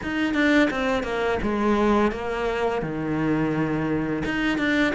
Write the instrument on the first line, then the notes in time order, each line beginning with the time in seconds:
cello
0.02 D#4
0.34 D4
0.70 C4
1.03 A#3
1.42 G#3
2.11 A#3
2.82 D#3
4.25 D#4
4.58 D4